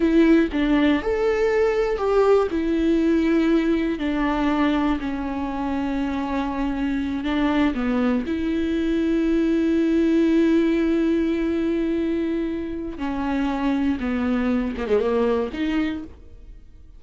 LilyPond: \new Staff \with { instrumentName = "viola" } { \time 4/4 \tempo 4 = 120 e'4 d'4 a'2 | g'4 e'2. | d'2 cis'2~ | cis'2~ cis'8 d'4 b8~ |
b8 e'2.~ e'8~ | e'1~ | e'2 cis'2 | b4. ais16 gis16 ais4 dis'4 | }